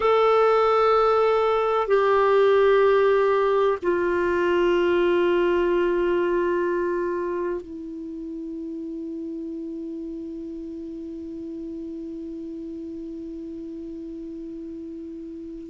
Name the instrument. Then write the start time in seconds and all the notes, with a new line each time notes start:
clarinet
0.00 A4
1.87 G4
3.82 F4
7.61 E4